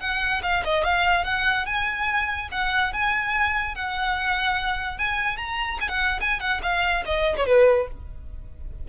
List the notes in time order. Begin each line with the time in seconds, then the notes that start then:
0.00 F#5
0.43 F5
0.64 D#5
0.84 F5
1.24 F#5
1.66 G#5
2.51 F#5
2.93 G#5
3.75 F#5
4.98 G#5
5.37 A#5
5.80 G#5
5.89 F#5
6.20 G#5
6.40 F#5
6.62 F5
7.05 D#5
7.37 C#5
7.46 B4